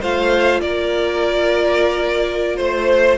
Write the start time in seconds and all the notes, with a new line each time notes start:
0.00 A3 F4 C5 F5
0.61 A#3 A#4 D5
2.56 A3 C5